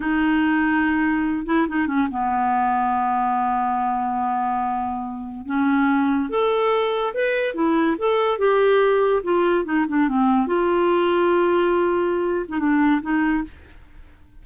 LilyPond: \new Staff \with { instrumentName = "clarinet" } { \time 4/4 \tempo 4 = 143 dis'2.~ dis'8 e'8 | dis'8 cis'8 b2.~ | b1~ | b4 cis'2 a'4~ |
a'4 b'4 e'4 a'4 | g'2 f'4 dis'8 d'8 | c'4 f'2.~ | f'4.~ f'16 dis'16 d'4 dis'4 | }